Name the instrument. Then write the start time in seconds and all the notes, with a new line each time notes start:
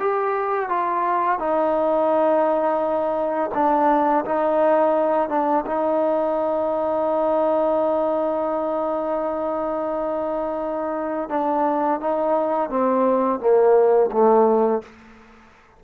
trombone
0.00 G4
0.69 F4
1.39 D#4
3.55 D4
4.25 D#4
5.30 D4
5.66 D#4
11.30 D4
12.01 D#4
12.70 C4
13.40 A#3
14.12 A3